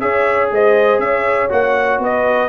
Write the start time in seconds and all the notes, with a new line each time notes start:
0.00 C#4 G#4 C#5 E5
0.51 G#3 C5 D#5
0.99 C#4 C#5 E5
1.49 A#3 F#4 F#5
1.99 B3 B4 D#5